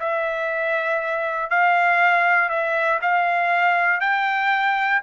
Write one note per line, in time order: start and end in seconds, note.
0.00 1.50 E5
1.50 2.49 F5
2.49 3.00 E5
3.02 4.00 F5
4.00 5.01 G5